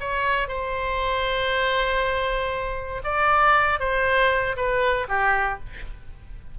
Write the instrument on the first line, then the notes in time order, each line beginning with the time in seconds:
oboe
0.00 C#5
0.48 C5
3.04 D5
3.80 C5
4.56 B4
5.08 G4